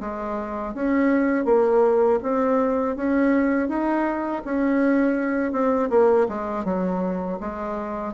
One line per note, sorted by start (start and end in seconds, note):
0.00 0.74 G#3
0.74 1.45 C#4
1.45 2.19 A#3
2.23 2.96 C4
2.96 3.68 C#4
3.68 4.42 D#4
4.44 5.52 C#4
5.52 5.89 C4
5.90 6.27 A#3
6.28 6.64 G#3
6.64 7.38 F#3
7.40 8.13 G#3